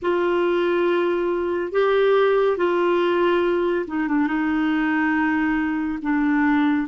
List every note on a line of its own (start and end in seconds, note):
0.02 1.72 F4
1.72 2.57 G4
2.57 3.85 F4
3.87 4.08 D#4
4.08 4.27 D4
4.27 5.98 D#4
6.02 6.87 D4